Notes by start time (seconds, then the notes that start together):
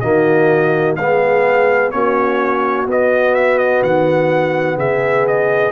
0.00 D#3 A#3 F#4 D#5
0.96 G#3 B3 G#4 F5
1.91 A#3 C#4 F#4 C#5
2.86 B3 D#5
3.34 E5
3.58 D#5
3.82 D#3 F#5
4.76 C#3 G#4 E5
5.27 D#5